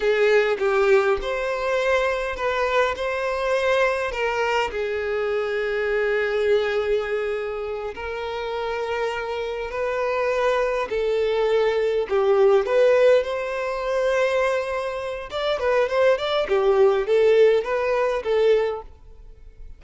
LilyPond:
\new Staff \with { instrumentName = "violin" } { \time 4/4 \tempo 4 = 102 gis'4 g'4 c''2 | b'4 c''2 ais'4 | gis'1~ | gis'4. ais'2~ ais'8~ |
ais'8 b'2 a'4.~ | a'8 g'4 b'4 c''4.~ | c''2 d''8 b'8 c''8 d''8 | g'4 a'4 b'4 a'4 | }